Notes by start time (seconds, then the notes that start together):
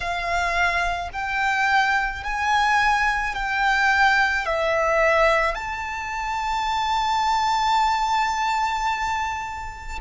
0.00 F5
1.12 G5
2.23 G#5
3.34 G5
4.45 E5
5.55 A5